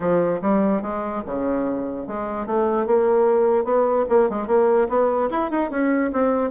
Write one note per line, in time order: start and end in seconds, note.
0.00 0.40 F3
0.41 0.82 G3
0.82 1.22 G#3
1.26 2.07 C#3
2.07 2.46 G#3
2.46 2.86 A3
2.86 3.64 A#3
3.64 4.05 B3
4.09 4.29 A#3
4.29 4.47 G#3
4.47 4.88 A#3
4.88 5.29 B3
5.30 5.50 E4
5.50 5.70 D#4
5.70 6.11 C#4
6.12 6.50 C4